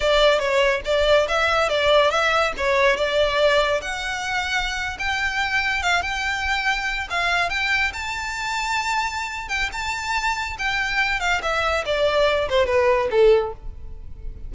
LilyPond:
\new Staff \with { instrumentName = "violin" } { \time 4/4 \tempo 4 = 142 d''4 cis''4 d''4 e''4 | d''4 e''4 cis''4 d''4~ | d''4 fis''2~ fis''8. g''16~ | g''4.~ g''16 f''8 g''4.~ g''16~ |
g''8. f''4 g''4 a''4~ a''16~ | a''2~ a''8 g''8 a''4~ | a''4 g''4. f''8 e''4 | d''4. c''8 b'4 a'4 | }